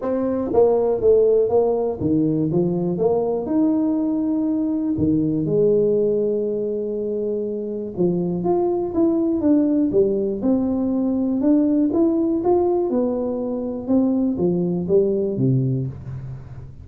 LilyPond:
\new Staff \with { instrumentName = "tuba" } { \time 4/4 \tempo 4 = 121 c'4 ais4 a4 ais4 | dis4 f4 ais4 dis'4~ | dis'2 dis4 gis4~ | gis1 |
f4 f'4 e'4 d'4 | g4 c'2 d'4 | e'4 f'4 b2 | c'4 f4 g4 c4 | }